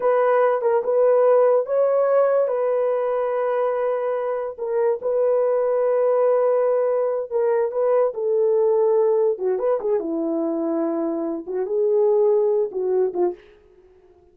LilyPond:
\new Staff \with { instrumentName = "horn" } { \time 4/4 \tempo 4 = 144 b'4. ais'8 b'2 | cis''2 b'2~ | b'2. ais'4 | b'1~ |
b'4. ais'4 b'4 a'8~ | a'2~ a'8 fis'8 b'8 gis'8 | e'2.~ e'8 fis'8 | gis'2~ gis'8 fis'4 f'8 | }